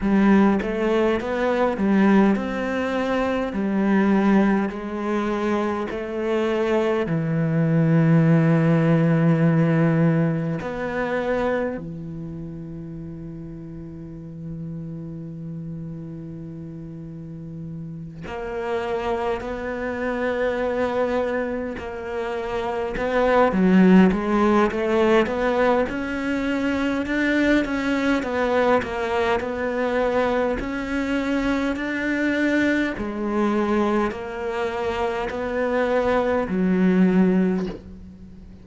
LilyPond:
\new Staff \with { instrumentName = "cello" } { \time 4/4 \tempo 4 = 51 g8 a8 b8 g8 c'4 g4 | gis4 a4 e2~ | e4 b4 e2~ | e2.~ e8 ais8~ |
ais8 b2 ais4 b8 | fis8 gis8 a8 b8 cis'4 d'8 cis'8 | b8 ais8 b4 cis'4 d'4 | gis4 ais4 b4 fis4 | }